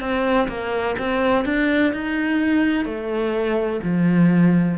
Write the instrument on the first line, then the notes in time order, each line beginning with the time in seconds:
cello
0.00 C4
0.48 A#3
0.98 C4
1.45 D4
1.93 D#4
2.85 A3
3.83 F3